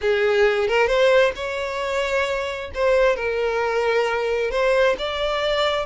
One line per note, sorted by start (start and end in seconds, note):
0.01 0.68 G#4
0.68 0.87 A#4
0.87 1.32 C5
1.35 2.71 C#5
2.74 3.15 C5
3.15 4.50 A#4
4.50 4.95 C5
4.98 5.85 D5